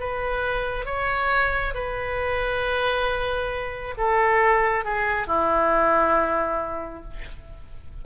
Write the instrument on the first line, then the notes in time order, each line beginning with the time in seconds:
oboe
0.00 B4
0.85 C#5
1.74 B4
3.97 A4
4.84 G#4
5.27 E4